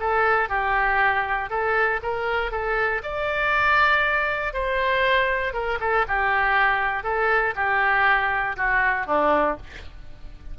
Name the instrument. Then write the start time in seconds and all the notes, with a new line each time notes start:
oboe
0.00 A4
0.49 G4
1.50 A4
2.03 A#4
2.51 A4
3.03 D5
4.53 C5
5.53 A#4
5.80 A4
6.08 G4
7.04 A4
7.55 G4
8.56 F#4
9.07 D4